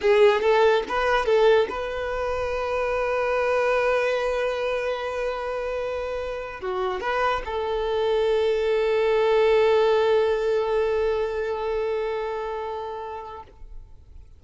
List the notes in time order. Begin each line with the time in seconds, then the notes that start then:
0.01 G#4
0.41 A4
0.88 B4
1.25 A4
1.69 B4
6.61 F#4
7.00 B4
7.45 A4